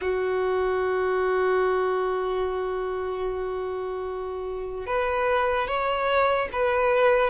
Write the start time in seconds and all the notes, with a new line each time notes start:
0.01 F#4
4.86 B4
5.67 C#5
6.52 B4